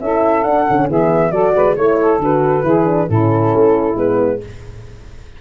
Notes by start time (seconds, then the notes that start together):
0.00 C#4 E4 A4 E5
0.43 D4 F#5
0.68 D3 C#4
0.87 E3 B3 G#4 E5
1.31 F#3 F#4 A4 D5
1.55 G#3 B4
1.76 A3 E4 C#5
2.00 A4
2.19 D3 F#4 B4
2.63 E3 E4 G#4
2.85 D4
3.08 A2 C#4 E4 A4
3.54 A3
3.95 G#3 B3 B4